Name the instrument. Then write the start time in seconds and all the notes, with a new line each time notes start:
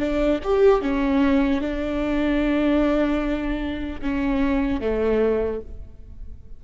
viola
0.00 D4
0.44 G4
0.82 C#4
1.61 D4
4.02 C#4
4.81 A3